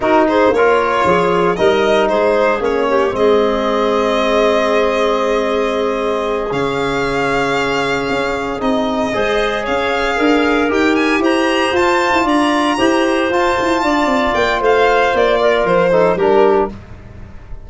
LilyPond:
<<
  \new Staff \with { instrumentName = "violin" } { \time 4/4 \tempo 4 = 115 ais'8 c''8 cis''2 dis''4 | c''4 cis''4 dis''2~ | dis''1~ | dis''8 f''2.~ f''8~ |
f''8 dis''2 f''4.~ | f''8 g''8 gis''8 ais''4 a''4 ais''8~ | ais''4. a''2 g''8 | f''4 d''4 c''4 ais'4 | }
  \new Staff \with { instrumentName = "clarinet" } { \time 4/4 fis'8 gis'8 ais'4 gis'4 ais'4 | gis'4. g'8 gis'2~ | gis'1~ | gis'1~ |
gis'4. c''4 cis''4 ais'8~ | ais'4. c''2 d''8~ | d''8 c''2 d''4. | c''4. ais'4 a'8 g'4 | }
  \new Staff \with { instrumentName = "trombone" } { \time 4/4 dis'4 f'2 dis'4~ | dis'4 cis'4 c'2~ | c'1~ | c'8 cis'2.~ cis'8~ |
cis'8 dis'4 gis'2~ gis'8~ | gis'8 g'2 f'4.~ | f'8 g'4 f'2~ f'8~ | f'2~ f'8 dis'8 d'4 | }
  \new Staff \with { instrumentName = "tuba" } { \time 4/4 dis'4 ais4 f4 g4 | gis4 ais4 gis2~ | gis1~ | gis8 cis2. cis'8~ |
cis'8 c'4 gis4 cis'4 d'8~ | d'8 dis'4 e'4 f'8. e'16 d'8~ | d'8 e'4 f'8 e'8 d'8 c'8 ais8 | a4 ais4 f4 g4 | }
>>